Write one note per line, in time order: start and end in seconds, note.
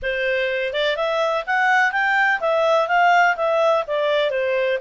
0.02 0.73 C5
0.73 0.96 D5
0.96 1.44 E5
1.46 1.92 F#5
1.92 2.40 G5
2.40 2.88 E5
2.88 3.36 F5
3.36 3.84 E5
3.87 4.30 D5
4.30 4.78 C5